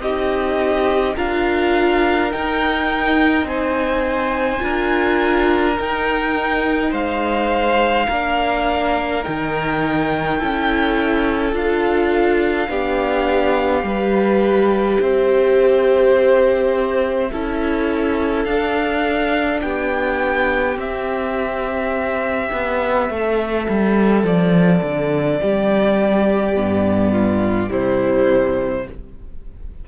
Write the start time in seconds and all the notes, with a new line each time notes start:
0.00 C4 D#4 G4 D#5
1.16 D4 F4 A#4 F5
2.31 D#4 G5
3.43 C4 C5 G#5
4.59 D4 F4 A#4
5.79 D#4 G5
6.91 G#3 C5 F5
8.07 A#3 D4 A#4
9.24 D#3 D#4 G5
10.38 C#4 E4 A4
11.53 D4 F4 F5
12.69 B3 D4 G4
13.82 G3 G4 B4
15.00 C4 C5 E5
17.32 C#4 E4 A4
18.44 D4 F5
19.62 B3 G4 G5
20.74 C4 E5
22.52 B3
23.10 A3 A4
23.69 G3
24.24 F3 D5
24.82 D3
25.41 G3 G4
26.54 G2 B3
27.12 F4
27.69 C3 G3 E4 C5